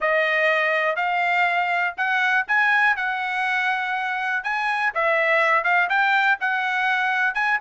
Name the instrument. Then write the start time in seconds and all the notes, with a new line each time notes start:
trumpet
0.00 D#5
0.96 F5
1.97 F#5
2.47 G#5
2.96 F#5
4.43 G#5
4.94 E5
5.64 F5
5.89 G5
6.40 F#5
7.34 G#5